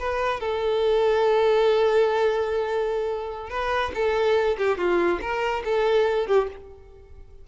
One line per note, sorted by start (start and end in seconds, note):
0.00 0.41 B4
0.41 3.50 A4
3.50 3.92 B4
3.95 4.57 A4
4.58 4.78 G4
4.78 5.20 F4
5.22 5.63 A#4
5.65 6.27 A4
6.27 6.48 G4